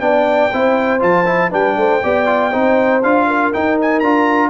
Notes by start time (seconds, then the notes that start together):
0.00 B3 D4 D5 G5
0.53 C4 E4 C5
0.99 F3 F4 A5
1.26 E4
1.50 G3 D4 B4 G5
1.76 A3 C5
2.03 B3 G4 D5
2.26 F4
2.51 C4 D#4 C5
3.03 D4 F4 F5
3.27 A#4
3.53 D#4 G5
3.81 G#5
4.00 D4 F4 A#5